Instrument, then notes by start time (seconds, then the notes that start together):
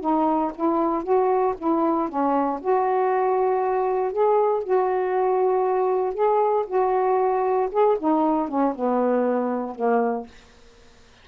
saxophone
0.00 D#4
0.55 E4
1.03 F#4
1.58 E4
2.08 C#4
2.60 F#4
4.12 G#4
4.63 F#4
6.14 G#4
6.66 F#4
7.71 G#4
7.98 D#4
8.48 C#4
8.75 B3
9.75 A#3